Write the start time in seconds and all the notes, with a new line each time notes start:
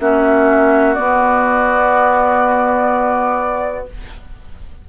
0.00 A#3 C#4 F#4 E5
0.95 B3 D5